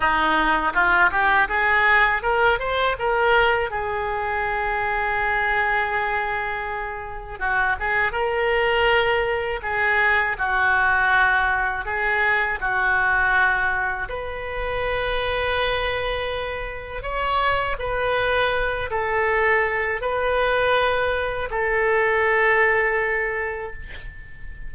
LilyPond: \new Staff \with { instrumentName = "oboe" } { \time 4/4 \tempo 4 = 81 dis'4 f'8 g'8 gis'4 ais'8 c''8 | ais'4 gis'2.~ | gis'2 fis'8 gis'8 ais'4~ | ais'4 gis'4 fis'2 |
gis'4 fis'2 b'4~ | b'2. cis''4 | b'4. a'4. b'4~ | b'4 a'2. | }